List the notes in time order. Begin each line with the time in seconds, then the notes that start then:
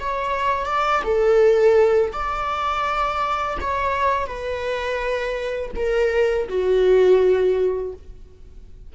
0.00 C#5
0.66 D5
1.04 A4
2.13 D5
3.61 C#5
4.27 B4
5.76 A#4
6.49 F#4